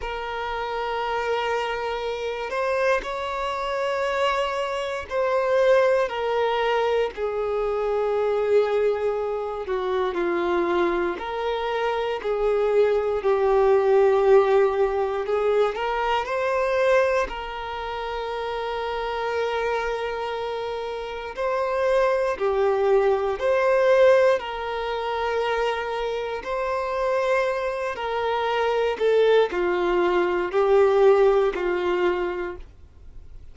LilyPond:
\new Staff \with { instrumentName = "violin" } { \time 4/4 \tempo 4 = 59 ais'2~ ais'8 c''8 cis''4~ | cis''4 c''4 ais'4 gis'4~ | gis'4. fis'8 f'4 ais'4 | gis'4 g'2 gis'8 ais'8 |
c''4 ais'2.~ | ais'4 c''4 g'4 c''4 | ais'2 c''4. ais'8~ | ais'8 a'8 f'4 g'4 f'4 | }